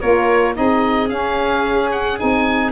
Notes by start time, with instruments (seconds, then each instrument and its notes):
0.00 tuba A#3, saxophone F4, violin A#4, oboe C#5
0.54 tuba C4, saxophone D#4, violin G#4, oboe D#5
1.09 saxophone C#4, tuba C#4, oboe F5
1.91 oboe F#5
2.18 tuba C4, saxophone D#4, oboe G#5